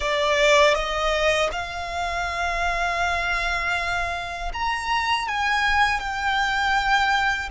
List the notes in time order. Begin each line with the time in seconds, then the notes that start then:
0.00 D5
0.74 D#5
1.52 F5
4.53 A#5
5.28 G#5
5.99 G5